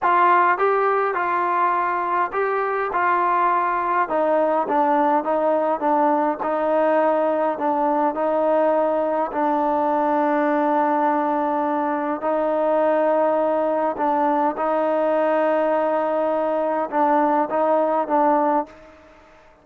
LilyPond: \new Staff \with { instrumentName = "trombone" } { \time 4/4 \tempo 4 = 103 f'4 g'4 f'2 | g'4 f'2 dis'4 | d'4 dis'4 d'4 dis'4~ | dis'4 d'4 dis'2 |
d'1~ | d'4 dis'2. | d'4 dis'2.~ | dis'4 d'4 dis'4 d'4 | }